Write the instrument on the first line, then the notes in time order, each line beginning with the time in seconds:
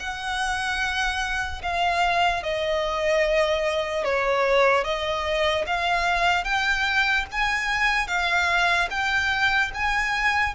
violin
0.00 F#5
1.63 F5
2.43 D#5
4.05 C#5
4.84 D#5
5.67 F5
6.45 G5
7.32 G#5
8.08 F5
8.91 G5
9.74 G#5